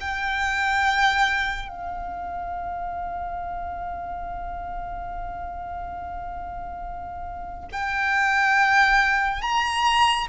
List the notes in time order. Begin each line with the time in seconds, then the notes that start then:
0.00 G5
1.68 F5
7.72 G5
9.41 A#5